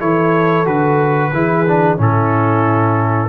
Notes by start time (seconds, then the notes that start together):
0.00 E3 E4 A4 C#5
0.65 D3 F#4 B4
1.33 E3 E4 G#4
1.68 D4
1.97 A2 C#4 E4 A4